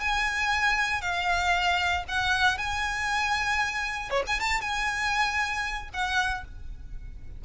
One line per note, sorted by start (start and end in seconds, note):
0.00 1.01 G#5
1.01 2.04 F5
2.08 2.58 F#5
2.58 4.10 G#5
4.10 4.23 C#5
4.27 4.40 G#5
4.40 4.61 A5
4.61 5.89 G#5
5.93 6.45 F#5